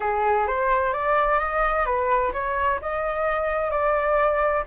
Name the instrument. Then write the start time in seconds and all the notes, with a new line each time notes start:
flute
0.00 G#4
0.47 C5
0.93 D5
1.39 D#5
1.85 B4
2.33 C#5
2.81 D#5
3.70 D5